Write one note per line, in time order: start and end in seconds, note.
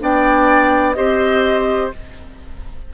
0.00 0.97 B3
0.00 0.95 D4
0.00 0.97 D5
0.00 0.93 G5
0.93 1.94 C4
0.93 1.92 G4
0.93 1.94 C5
0.93 1.90 D#5